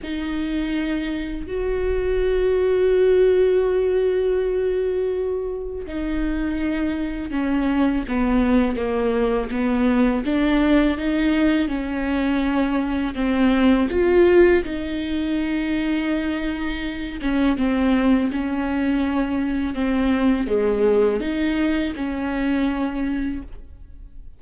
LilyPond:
\new Staff \with { instrumentName = "viola" } { \time 4/4 \tempo 4 = 82 dis'2 fis'2~ | fis'1 | dis'2 cis'4 b4 | ais4 b4 d'4 dis'4 |
cis'2 c'4 f'4 | dis'2.~ dis'8 cis'8 | c'4 cis'2 c'4 | gis4 dis'4 cis'2 | }